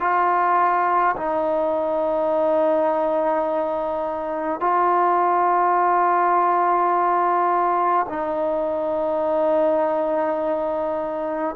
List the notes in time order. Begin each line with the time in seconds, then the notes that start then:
0.00 F4
1.16 D#4
4.60 F4
8.09 D#4